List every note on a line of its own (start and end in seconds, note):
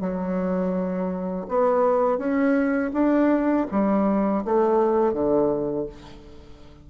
0.00 1.46 F#3
1.48 2.18 B3
2.18 2.91 C#4
2.93 3.66 D4
3.71 4.44 G3
4.45 5.13 A3
5.13 5.86 D3